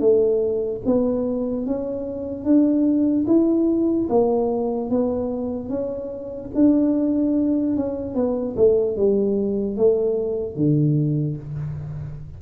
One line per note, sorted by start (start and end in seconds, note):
0.00 0.81 A3
0.86 1.66 B3
1.66 2.45 C#4
2.45 3.26 D4
3.27 4.08 E4
4.09 4.90 A#3
4.90 5.69 B3
5.69 6.50 C#4
6.55 7.77 D4
7.77 8.15 C#4
8.15 8.55 B3
8.57 8.97 A3
8.97 9.77 G3
9.77 10.56 A3
10.56 11.37 D3